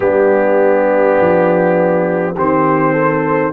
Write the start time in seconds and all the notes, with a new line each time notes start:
0.00 G3 B3 D4 G4
1.20 F3
2.34 D#3 C4 G4 C5
2.92 A4